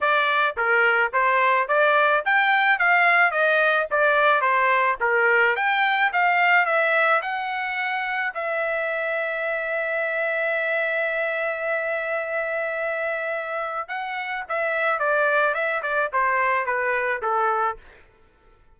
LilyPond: \new Staff \with { instrumentName = "trumpet" } { \time 4/4 \tempo 4 = 108 d''4 ais'4 c''4 d''4 | g''4 f''4 dis''4 d''4 | c''4 ais'4 g''4 f''4 | e''4 fis''2 e''4~ |
e''1~ | e''1~ | e''4 fis''4 e''4 d''4 | e''8 d''8 c''4 b'4 a'4 | }